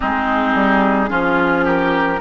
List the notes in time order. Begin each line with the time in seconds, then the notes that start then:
0.00 G#3 C4 D#4 G#4
0.54 G3
1.07 F3 C#4 F4
1.64 G4 A#4